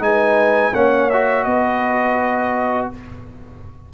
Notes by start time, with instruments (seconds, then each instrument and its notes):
0.00 tuba G#3, trombone D#4, horn B4, trumpet G#5
0.74 tuba A#3, trombone C#4, horn C#5, trumpet F#5
1.10 trombone F#4, trumpet E5
1.44 tuba B3, horn B4, trumpet D#5